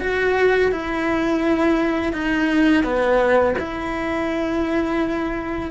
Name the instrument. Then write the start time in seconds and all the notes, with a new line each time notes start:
cello
0.00 F#4
0.71 E4
2.12 D#4
2.83 B3
3.58 E4